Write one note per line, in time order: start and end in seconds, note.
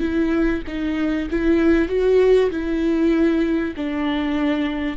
0.00 0.62 E4
0.67 1.29 D#4
1.30 1.88 E4
1.88 2.50 F#4
2.50 3.74 E4
3.76 4.97 D4